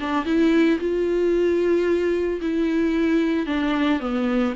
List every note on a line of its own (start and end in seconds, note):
0.00 0.25 D4
0.25 0.79 E4
0.80 2.40 F4
2.41 3.47 E4
3.47 4.00 D4
4.00 4.54 B3